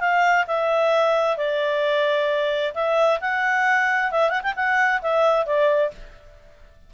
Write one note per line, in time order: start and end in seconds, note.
0.00 0.45 F5
0.47 1.37 E5
1.37 2.74 D5
2.75 3.20 E5
3.21 4.12 F#5
4.12 4.30 E5
4.30 4.42 F#5
4.43 4.54 G5
4.56 5.01 F#5
5.02 5.46 E5
5.46 5.91 D5